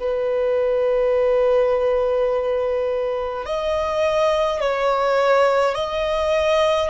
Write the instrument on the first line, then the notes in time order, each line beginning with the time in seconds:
violin
0.00 B4
3.46 D#5
4.61 C#5
5.75 D#5